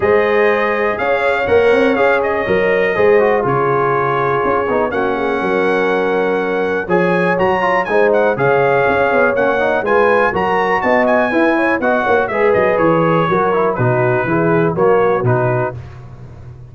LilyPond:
<<
  \new Staff \with { instrumentName = "trumpet" } { \time 4/4 \tempo 4 = 122 dis''2 f''4 fis''4 | f''8 dis''2~ dis''8 cis''4~ | cis''2 fis''2~ | fis''2 gis''4 ais''4 |
gis''8 fis''8 f''2 fis''4 | gis''4 ais''4 a''8 gis''4. | fis''4 e''8 dis''8 cis''2 | b'2 cis''4 b'4 | }
  \new Staff \with { instrumentName = "horn" } { \time 4/4 c''2 cis''2~ | cis''2 c''4 gis'4~ | gis'2 fis'8 gis'8 ais'4~ | ais'2 cis''2 |
c''4 cis''2. | b'4 ais'4 dis''4 b'8 cis''8 | dis''8 cis''8 b'2 ais'4 | fis'4 gis'4 fis'2 | }
  \new Staff \with { instrumentName = "trombone" } { \time 4/4 gis'2. ais'4 | gis'4 ais'4 gis'8 fis'8 f'4~ | f'4. dis'8 cis'2~ | cis'2 gis'4 fis'8 f'8 |
dis'4 gis'2 cis'8 dis'8 | f'4 fis'2 e'4 | fis'4 gis'2 fis'8 e'8 | dis'4 e'4 ais4 dis'4 | }
  \new Staff \with { instrumentName = "tuba" } { \time 4/4 gis2 cis'4 ais8 c'8 | cis'4 fis4 gis4 cis4~ | cis4 cis'8 b8 ais4 fis4~ | fis2 f4 fis4 |
gis4 cis4 cis'8 b8 ais4 | gis4 fis4 b4 e'4 | b8 ais8 gis8 fis8 e4 fis4 | b,4 e4 fis4 b,4 | }
>>